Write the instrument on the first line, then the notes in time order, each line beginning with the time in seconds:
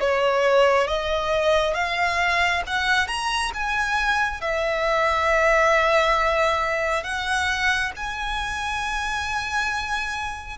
violin
0.00 C#5
0.87 D#5
1.74 F5
2.66 F#5
3.07 A#5
3.54 G#5
4.41 E5
7.03 F#5
7.96 G#5